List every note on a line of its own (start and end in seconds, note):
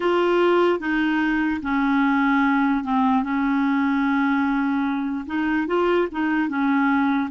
0.00 0.79 F4
0.79 1.60 D#4
1.62 2.84 C#4
2.84 3.22 C4
3.22 5.25 C#4
5.26 5.67 D#4
5.67 6.07 F4
6.11 6.48 D#4
6.48 7.29 C#4